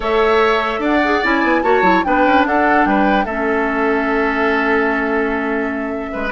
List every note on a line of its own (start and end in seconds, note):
0.00 0.79 A3
0.00 0.99 A4
0.00 0.80 C#5
0.00 0.83 E5
0.79 1.19 D4
0.79 1.61 D5
0.79 1.24 F#5
1.03 1.23 G#4
1.23 1.43 C#4
1.23 1.63 E4
1.23 1.62 G#5
1.43 1.63 B3
1.62 1.81 A#3
1.62 1.83 F#4
1.62 2.04 C#5
1.62 2.03 A5
1.81 2.02 F#3
1.81 2.03 E4
2.03 2.25 B3
2.03 3.27 D4
2.03 2.47 B4
2.03 2.44 G5
2.25 2.45 C#4
2.45 2.85 D4
2.45 2.88 A4
2.45 2.85 F#5
2.85 3.25 G3
2.85 3.24 B4
2.85 3.25 G5
3.24 6.11 A3
3.24 6.31 C#4
3.24 6.10 A4
3.24 6.31 E5
6.12 6.31 G#3
6.12 6.31 B4